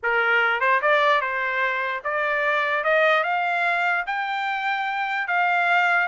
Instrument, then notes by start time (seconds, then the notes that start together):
trumpet
0.02 A#4
0.60 C5
0.81 D5
1.21 C5
2.03 D5
2.84 D#5
3.23 F5
4.06 G5
5.27 F5